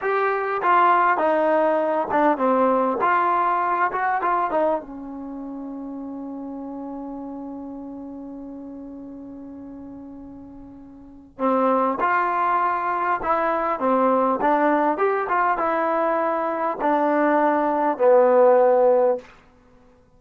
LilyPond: \new Staff \with { instrumentName = "trombone" } { \time 4/4 \tempo 4 = 100 g'4 f'4 dis'4. d'8 | c'4 f'4. fis'8 f'8 dis'8 | cis'1~ | cis'1~ |
cis'2. c'4 | f'2 e'4 c'4 | d'4 g'8 f'8 e'2 | d'2 b2 | }